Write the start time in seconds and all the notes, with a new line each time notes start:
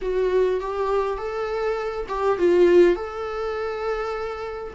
0.01 F#4
0.60 G4
1.17 A4
2.08 G4
2.38 F4
2.95 A4